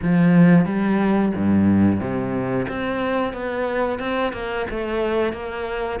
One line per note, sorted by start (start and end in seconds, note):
0.02 0.65 F3
0.65 1.32 G3
1.35 2.00 G2
2.00 2.67 C3
2.68 3.33 C4
3.33 3.99 B3
3.99 4.32 C4
4.32 4.66 A#3
4.70 5.32 A3
5.32 5.99 A#3